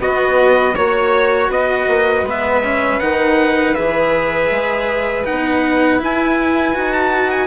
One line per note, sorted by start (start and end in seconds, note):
0.00 0.75 B3
0.00 0.77 B3
0.00 0.76 F#4
0.00 0.76 D#5
0.76 1.49 A#3
0.76 2.27 F#4
0.76 1.51 C#5
1.49 1.87 B3
1.49 7.48 B4
1.49 2.27 D#5
1.88 2.23 A#3
2.23 2.98 G#3
2.23 2.64 B3
2.30 3.00 E5
2.64 3.01 C#4
3.00 3.76 D#3
3.00 3.76 D#4
3.00 3.75 F#5
3.75 4.51 E3
3.75 5.25 G#4
3.75 5.25 E5
4.51 5.26 G#3
5.25 6.02 B3
5.25 6.00 D#4
5.25 6.01 F#5
6.00 6.74 E4
6.00 6.77 E4
6.00 6.93 G#5
6.74 7.48 D#4
6.74 7.48 F#4
6.93 7.31 A5
7.31 7.48 G#5